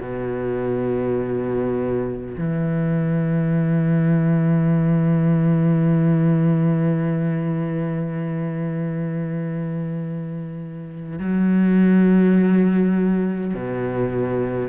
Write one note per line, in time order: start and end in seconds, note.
0.00 2.35 B2
2.37 11.19 E3
11.19 13.54 F#3
13.54 14.69 B2